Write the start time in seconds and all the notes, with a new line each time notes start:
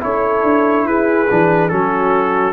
0.00 C#4 E4 A4 C#5
0.43 D4
0.86 E4 G#4 B4
1.30 E3 D4
1.69 F#3 C#4 F#4 A4